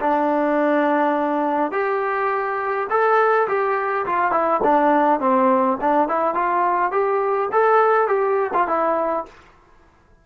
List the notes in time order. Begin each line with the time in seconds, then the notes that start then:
0.00 D4
1.71 G4
2.90 A4
3.47 G4
4.06 F4
4.31 E4
4.63 D4
5.20 C4
5.80 D4
6.08 E4
6.34 F4
6.91 G4
7.51 A4
8.07 G4
8.53 F4
8.67 E4